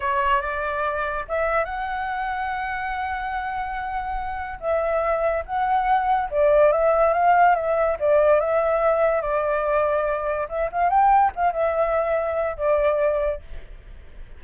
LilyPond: \new Staff \with { instrumentName = "flute" } { \time 4/4 \tempo 4 = 143 cis''4 d''2 e''4 | fis''1~ | fis''2. e''4~ | e''4 fis''2 d''4 |
e''4 f''4 e''4 d''4 | e''2 d''2~ | d''4 e''8 f''8 g''4 f''8 e''8~ | e''2 d''2 | }